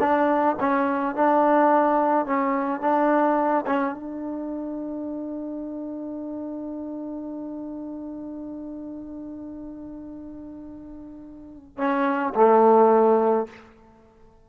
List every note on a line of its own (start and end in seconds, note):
0.00 0.56 D4
0.60 1.15 C#4
1.15 2.26 D4
2.26 2.81 C#4
2.81 3.65 D4
3.67 3.94 C#4
3.94 11.78 D4
11.78 12.34 C#4
12.34 13.47 A3